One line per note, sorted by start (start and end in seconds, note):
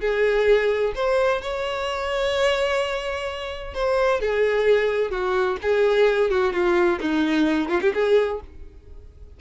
0.00 0.93 G#4
0.95 1.41 C5
1.41 3.74 C#5
3.74 4.20 C5
4.20 5.11 G#4
5.11 5.57 F#4
5.62 6.30 G#4
6.30 6.52 F#4
6.52 6.99 F4
7.01 7.68 D#4
7.68 7.80 F4
7.81 7.92 G4
7.94 8.40 G#4